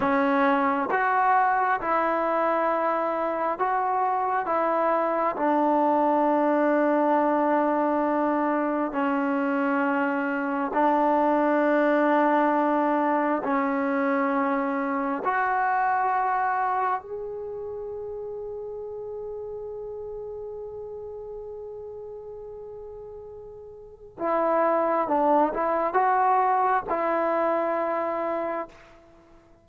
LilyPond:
\new Staff \with { instrumentName = "trombone" } { \time 4/4 \tempo 4 = 67 cis'4 fis'4 e'2 | fis'4 e'4 d'2~ | d'2 cis'2 | d'2. cis'4~ |
cis'4 fis'2 gis'4~ | gis'1~ | gis'2. e'4 | d'8 e'8 fis'4 e'2 | }